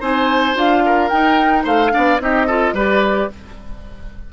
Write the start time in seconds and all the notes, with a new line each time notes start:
0.00 C4 D#4 C5 G#5
0.55 D4 F4 F5
0.85 A#4
1.09 D#4 G5
1.64 A3 C5 F5
1.91 B3 D4 D5
2.19 C4 D#4 G4 D#5
2.46 F4 A4
2.73 G3 G4 B4 D5